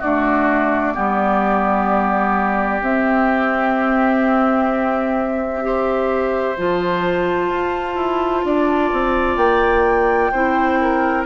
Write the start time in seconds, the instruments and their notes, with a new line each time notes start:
0.00 clarinet A3, bassoon D4, oboe F#4, flute D5
0.95 bassoon G3, clarinet B3, oboe G4
2.81 bassoon C4, clarinet C4, flute E5
5.62 clarinet G4, oboe C5
6.57 bassoon F3, clarinet F4, flute A5
7.50 bassoon F4
7.96 bassoon E4
8.45 bassoon D4, oboe D5
8.93 bassoon C4
9.37 bassoon A#3, flute G5
10.32 bassoon C4, clarinet E4, oboe C5
10.81 oboe A#4